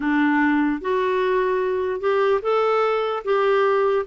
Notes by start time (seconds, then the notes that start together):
0.00 D4
0.81 F#4
2.00 G4
2.42 A4
3.24 G4